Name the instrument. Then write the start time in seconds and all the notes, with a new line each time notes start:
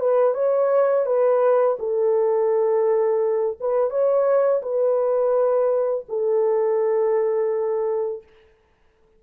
horn
0.00 B4
0.35 C#5
1.06 B4
1.79 A4
3.61 B4
3.90 C#5
4.62 B4
6.09 A4